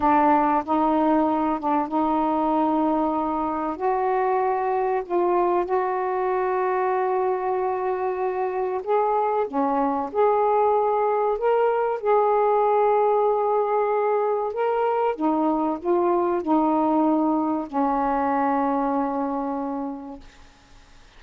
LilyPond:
\new Staff \with { instrumentName = "saxophone" } { \time 4/4 \tempo 4 = 95 d'4 dis'4. d'8 dis'4~ | dis'2 fis'2 | f'4 fis'2.~ | fis'2 gis'4 cis'4 |
gis'2 ais'4 gis'4~ | gis'2. ais'4 | dis'4 f'4 dis'2 | cis'1 | }